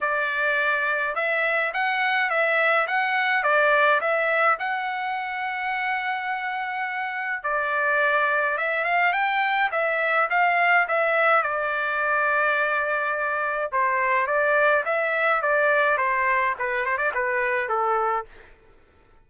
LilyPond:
\new Staff \with { instrumentName = "trumpet" } { \time 4/4 \tempo 4 = 105 d''2 e''4 fis''4 | e''4 fis''4 d''4 e''4 | fis''1~ | fis''4 d''2 e''8 f''8 |
g''4 e''4 f''4 e''4 | d''1 | c''4 d''4 e''4 d''4 | c''4 b'8 c''16 d''16 b'4 a'4 | }